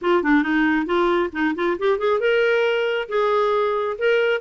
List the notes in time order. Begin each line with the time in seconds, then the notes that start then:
0.01 F4
0.23 D4
0.43 D#4
0.86 F4
1.32 D#4
1.55 F4
1.78 G4
1.98 G#4
2.20 A#4
3.08 G#4
3.98 A#4